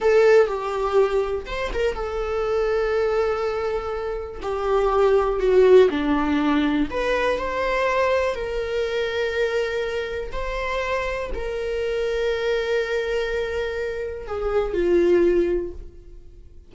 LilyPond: \new Staff \with { instrumentName = "viola" } { \time 4/4 \tempo 4 = 122 a'4 g'2 c''8 ais'8 | a'1~ | a'4 g'2 fis'4 | d'2 b'4 c''4~ |
c''4 ais'2.~ | ais'4 c''2 ais'4~ | ais'1~ | ais'4 gis'4 f'2 | }